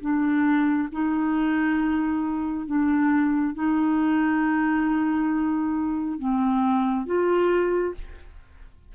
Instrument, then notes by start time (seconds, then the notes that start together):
clarinet
0.00 D4
0.92 D#4
2.66 D4
3.55 D#4
6.19 C4
7.05 F4